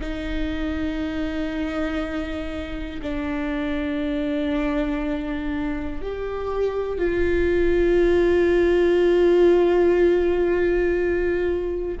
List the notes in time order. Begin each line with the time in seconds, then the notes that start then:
0.00 D#4
3.01 D4
6.01 G4
6.98 F4